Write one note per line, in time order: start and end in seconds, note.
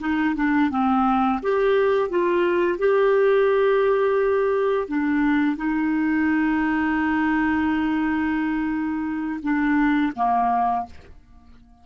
0.00 0.35 D#4
0.36 0.70 D4
0.70 1.40 C4
1.42 2.10 G4
2.10 2.78 F4
2.78 4.88 G4
4.88 5.57 D4
5.57 9.40 D#4
9.43 10.13 D4
10.16 10.86 A#3